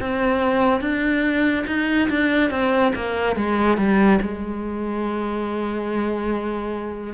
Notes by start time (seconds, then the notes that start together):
0.00 C4
0.81 D4
1.67 D#4
2.09 D4
2.50 C4
2.95 A#3
3.36 G#3
3.78 G3
4.22 G#3